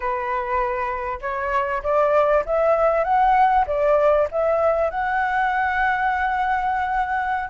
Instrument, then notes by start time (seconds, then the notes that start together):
flute
0.00 B4
1.21 C#5
1.83 D5
2.45 E5
3.04 F#5
3.67 D5
4.31 E5
4.90 F#5